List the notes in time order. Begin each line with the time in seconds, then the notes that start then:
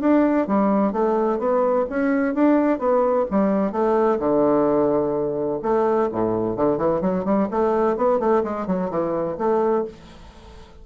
0.00 D4
0.47 G3
0.92 A3
1.38 B3
1.89 C#4
2.34 D4
2.78 B3
3.30 G3
3.71 A3
4.19 D3
5.62 A3
6.12 A2
6.56 D3
6.77 E3
7.01 F#3
7.24 G3
7.50 A3
7.96 B3
8.19 A3
8.43 G#3
8.67 F#3
8.90 E3
9.37 A3